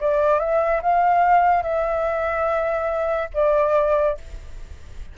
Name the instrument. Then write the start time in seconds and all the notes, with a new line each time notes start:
flute
0.00 D5
0.39 E5
0.82 F5
1.62 E5
3.34 D5